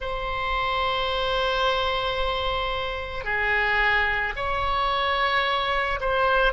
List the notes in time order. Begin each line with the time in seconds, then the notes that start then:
0.00 C5
3.24 G#4
4.36 C#5
6.00 C5